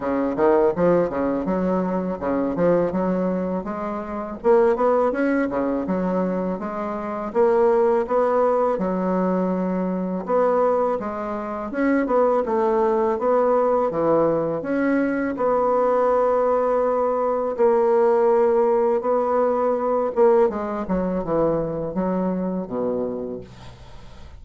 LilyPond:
\new Staff \with { instrumentName = "bassoon" } { \time 4/4 \tempo 4 = 82 cis8 dis8 f8 cis8 fis4 cis8 f8 | fis4 gis4 ais8 b8 cis'8 cis8 | fis4 gis4 ais4 b4 | fis2 b4 gis4 |
cis'8 b8 a4 b4 e4 | cis'4 b2. | ais2 b4. ais8 | gis8 fis8 e4 fis4 b,4 | }